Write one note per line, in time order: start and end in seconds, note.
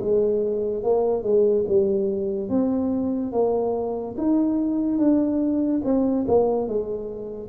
0.00 0.83 G#3
0.83 1.23 A#3
1.23 1.64 G#3
1.67 2.48 G3
2.48 3.32 C4
3.32 4.15 A#3
4.17 4.98 D#4
4.98 5.81 D4
5.84 6.26 C4
6.27 6.67 A#3
6.67 7.48 G#3